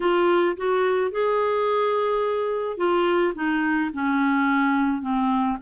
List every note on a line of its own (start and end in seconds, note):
0.00 0.56 F4
0.56 1.11 F#4
1.11 2.77 G#4
2.77 3.33 F4
3.34 3.90 D#4
3.93 5.01 C#4
5.01 5.57 C4